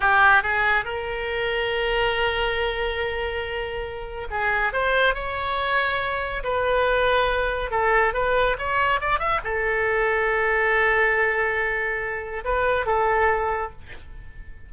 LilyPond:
\new Staff \with { instrumentName = "oboe" } { \time 4/4 \tempo 4 = 140 g'4 gis'4 ais'2~ | ais'1~ | ais'2 gis'4 c''4 | cis''2. b'4~ |
b'2 a'4 b'4 | cis''4 d''8 e''8 a'2~ | a'1~ | a'4 b'4 a'2 | }